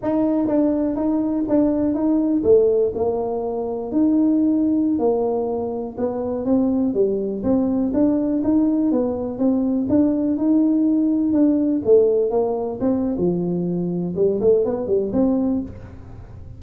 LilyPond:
\new Staff \with { instrumentName = "tuba" } { \time 4/4 \tempo 4 = 123 dis'4 d'4 dis'4 d'4 | dis'4 a4 ais2 | dis'2~ dis'16 ais4.~ ais16~ | ais16 b4 c'4 g4 c'8.~ |
c'16 d'4 dis'4 b4 c'8.~ | c'16 d'4 dis'2 d'8.~ | d'16 a4 ais4 c'8. f4~ | f4 g8 a8 b8 g8 c'4 | }